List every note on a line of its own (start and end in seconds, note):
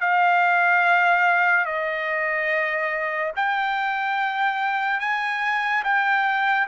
0.00 1.65 F5
1.65 3.31 D#5
3.35 5.00 G5
5.00 5.83 G#5
5.83 6.67 G5